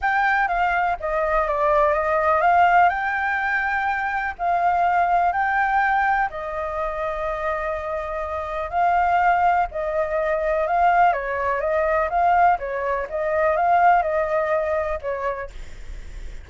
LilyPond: \new Staff \with { instrumentName = "flute" } { \time 4/4 \tempo 4 = 124 g''4 f''4 dis''4 d''4 | dis''4 f''4 g''2~ | g''4 f''2 g''4~ | g''4 dis''2.~ |
dis''2 f''2 | dis''2 f''4 cis''4 | dis''4 f''4 cis''4 dis''4 | f''4 dis''2 cis''4 | }